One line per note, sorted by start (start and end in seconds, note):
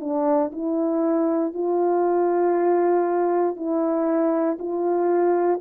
0.00 0.51 D4
0.52 1.53 E4
1.53 3.56 F4
3.56 4.58 E4
4.59 5.60 F4